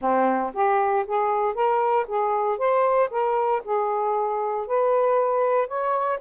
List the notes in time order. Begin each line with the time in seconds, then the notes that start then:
0.01 C4
0.53 G4
1.07 G#4
1.54 A#4
2.07 G#4
2.57 C5
3.10 A#4
3.64 G#4
4.66 B4
5.67 C#5